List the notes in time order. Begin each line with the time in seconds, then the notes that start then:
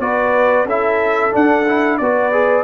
0.00 B3 F#4 B4 D5
0.65 C#4 E4 A4 E5
1.32 D4 F#5
1.68 E4
1.98 B3 F#4 B4 D5
2.33 G#4